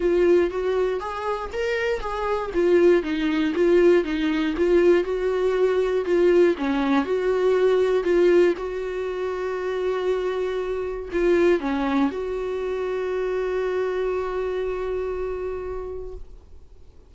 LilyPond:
\new Staff \with { instrumentName = "viola" } { \time 4/4 \tempo 4 = 119 f'4 fis'4 gis'4 ais'4 | gis'4 f'4 dis'4 f'4 | dis'4 f'4 fis'2 | f'4 cis'4 fis'2 |
f'4 fis'2.~ | fis'2 f'4 cis'4 | fis'1~ | fis'1 | }